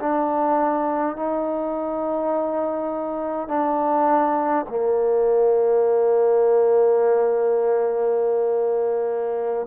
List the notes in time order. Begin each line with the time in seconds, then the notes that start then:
0.00 D4
1.16 D#4
3.48 D4
4.69 A#3